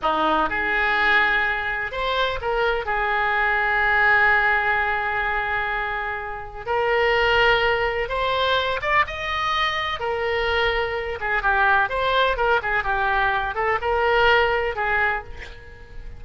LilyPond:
\new Staff \with { instrumentName = "oboe" } { \time 4/4 \tempo 4 = 126 dis'4 gis'2. | c''4 ais'4 gis'2~ | gis'1~ | gis'2 ais'2~ |
ais'4 c''4. d''8 dis''4~ | dis''4 ais'2~ ais'8 gis'8 | g'4 c''4 ais'8 gis'8 g'4~ | g'8 a'8 ais'2 gis'4 | }